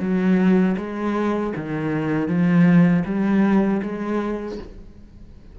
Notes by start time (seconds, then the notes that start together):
0.00 F#3
0.77 G#3
1.56 D#3
2.28 F3
3.05 G3
3.83 G#3